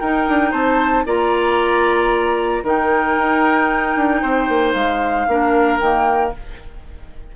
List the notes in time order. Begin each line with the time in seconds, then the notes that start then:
0.00 D#4 A#4 G5
0.29 D4
0.51 C4 C5 A5
1.06 A#3 F4 D5 A#5
2.64 D#3 D#4 A#4 G5
3.18 D#4
3.96 D4
4.22 C4 C5
4.49 A#3
4.74 G#3 F5
5.28 A#3 D4 A#4
5.80 D#3 A#3 G5